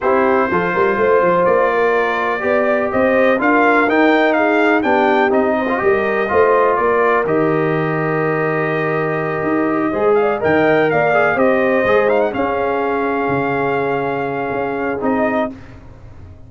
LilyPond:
<<
  \new Staff \with { instrumentName = "trumpet" } { \time 4/4 \tempo 4 = 124 c''2. d''4~ | d''2 dis''4 f''4 | g''4 f''4 g''4 dis''4~ | dis''2 d''4 dis''4~ |
dis''1~ | dis''4 f''8 g''4 f''4 dis''8~ | dis''4 f''16 fis''16 f''2~ f''8~ | f''2. dis''4 | }
  \new Staff \with { instrumentName = "horn" } { \time 4/4 g'4 a'8 ais'8 c''4. ais'8~ | ais'4 d''4 c''4 ais'4~ | ais'4 gis'4 g'4. c''8 | ais'4 c''4 ais'2~ |
ais'1~ | ais'8 c''8 d''8 dis''4 d''4 c''8~ | c''4. gis'2~ gis'8~ | gis'1 | }
  \new Staff \with { instrumentName = "trombone" } { \time 4/4 e'4 f'2.~ | f'4 g'2 f'4 | dis'2 d'4 dis'8. f'16 | g'4 f'2 g'4~ |
g'1~ | g'8 gis'4 ais'4. gis'8 g'8~ | g'8 gis'8 dis'8 cis'2~ cis'8~ | cis'2. dis'4 | }
  \new Staff \with { instrumentName = "tuba" } { \time 4/4 c'4 f8 g8 a8 f8 ais4~ | ais4 b4 c'4 d'4 | dis'2 b4 c'4 | g4 a4 ais4 dis4~ |
dis2.~ dis8 dis'8~ | dis'8 gis4 dis4 ais4 c'8~ | c'8 gis4 cis'2 cis8~ | cis2 cis'4 c'4 | }
>>